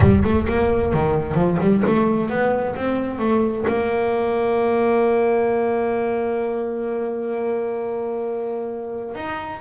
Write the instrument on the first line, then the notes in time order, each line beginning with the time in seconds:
double bass
0.00 G3
0.24 A3
0.47 A#3
0.93 D#3
1.34 F3
1.60 G3
1.86 A3
2.29 B3
2.75 C4
3.19 A3
3.67 A#3
9.15 D#4